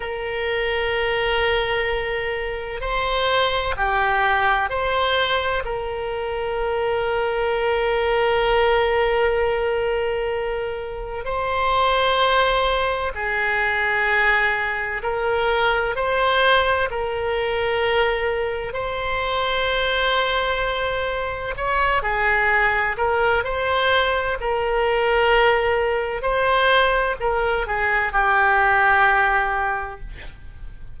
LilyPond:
\new Staff \with { instrumentName = "oboe" } { \time 4/4 \tempo 4 = 64 ais'2. c''4 | g'4 c''4 ais'2~ | ais'1 | c''2 gis'2 |
ais'4 c''4 ais'2 | c''2. cis''8 gis'8~ | gis'8 ais'8 c''4 ais'2 | c''4 ais'8 gis'8 g'2 | }